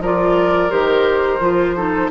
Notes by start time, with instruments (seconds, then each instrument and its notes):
0.00 bassoon F3, clarinet F4, oboe A#4, flute D5
0.70 bassoon D#3, clarinet G4, flute C5
1.40 bassoon F3, clarinet F4
1.76 clarinet D#4, oboe A4